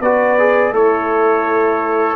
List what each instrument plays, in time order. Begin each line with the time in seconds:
0.00 tuba B3, trombone F#4, horn B4, trumpet D5
0.39 trombone G#4
0.71 tuba A3, horn E4, trombone A4, trumpet C#5